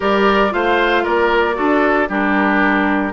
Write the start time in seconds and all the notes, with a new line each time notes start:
0.00 G3 G4 A#4 D5
0.50 A3 F4 C5 F5
1.03 A#3 A#4 D5
1.54 D4 F#4 A4
2.08 G3 D4 G4 A#4